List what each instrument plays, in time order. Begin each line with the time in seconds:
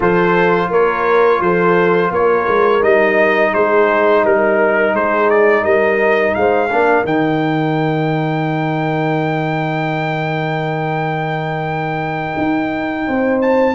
0.00 tuba F3, trombone F4, horn A4, trumpet C5
0.69 tuba A#3, horn A#4, trumpet C#5
1.40 tuba F3, horn A4, trumpet C5
2.11 tuba A#3, horn A#4, trumpet C#5
2.48 tuba G#3
2.81 tuba G3, trombone D#4, trumpet D#5
3.52 tuba G#3, horn G#4, trumpet C5
4.23 tuba G3, trumpet A#4, horn A#4
4.94 tuba G#3, horn G#4, trumpet C5
5.30 trumpet D5
5.62 tuba G3, horn A#4, trumpet D#5
6.34 tuba G#3, horn C5, trumpet F5
6.69 tuba A#3, trombone D4, horn A#4
7.04 tuba D#3, trombone D#4, trumpet G5
12.37 tuba D#4
13.06 tuba C4, horn C5
13.41 trumpet A5